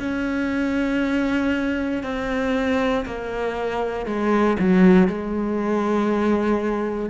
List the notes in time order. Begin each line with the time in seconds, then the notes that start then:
0.00 C#4
2.04 C4
3.06 A#3
4.06 G#3
4.59 F#3
5.08 G#3